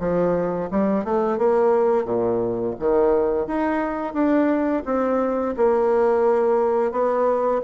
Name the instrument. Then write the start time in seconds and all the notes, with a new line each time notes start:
bassoon
0.00 F3
0.71 G3
1.05 A3
1.38 A#3
2.05 A#2
2.80 D#3
3.47 D#4
4.14 D4
4.86 C4
5.57 A#3
6.92 B3